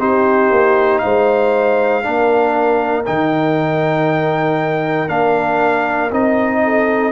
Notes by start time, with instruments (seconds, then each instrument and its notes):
0.00 tuba C4, trombone D#4, horn G4, trumpet C5
0.51 tuba A#3
0.99 tuba G#3, horn C5, trumpet F5
2.03 tuba A#3, trombone D4, horn A#4
3.06 tuba D#3, trombone D#4, trumpet G5
5.08 tuba A#3, trombone D4, trumpet F5
6.11 tuba C4, trombone D#4, trumpet D#5
6.64 horn A4